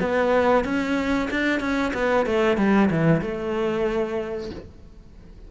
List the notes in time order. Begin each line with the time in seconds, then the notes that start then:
0.00 B3
0.65 C#4
1.30 D4
1.60 C#4
1.94 B3
2.26 A3
2.57 G3
2.91 E3
3.21 A3